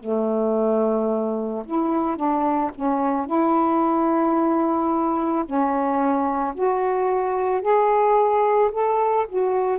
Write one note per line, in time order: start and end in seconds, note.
0.00 1.64 A3
1.66 2.17 E4
2.17 2.71 D4
2.76 3.27 C#4
3.27 5.45 E4
5.45 6.55 C#4
6.55 7.62 F#4
7.62 8.71 G#4
8.72 9.27 A4
9.29 9.79 F#4